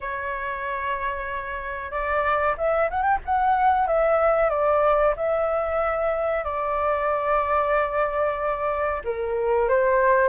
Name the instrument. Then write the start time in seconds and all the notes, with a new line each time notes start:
flute
0.01 C#5
1.91 D5
2.57 E5
2.90 F#5
3.02 G5
3.25 F#5
3.87 E5
4.49 D5
5.16 E5
6.44 D5
9.04 A#4
9.69 C5